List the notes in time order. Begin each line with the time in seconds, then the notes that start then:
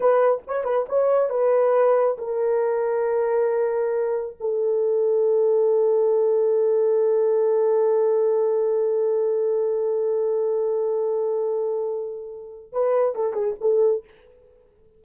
0.00 B4
0.47 C#5
0.64 B4
0.89 C#5
1.29 B4
2.18 A#4
4.40 A4
12.72 B4
13.15 A4
13.33 G#4
13.60 A4